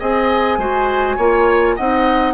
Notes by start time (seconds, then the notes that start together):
0.00 C4 G#4 D#5 G#5
0.58 G#3 F#4 C5
1.17 A#3 F4 C#5
1.76 C4 D#4 D#5 F#5